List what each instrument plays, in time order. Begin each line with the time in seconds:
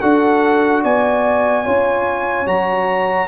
0.00 tuba D4, trombone F#4, horn A4, trumpet F#5
0.82 tuba B3, horn D5, trumpet G#5
1.64 tuba C#4, trombone F4, horn C#5
2.46 tuba F#3, trombone F#4, trumpet A#5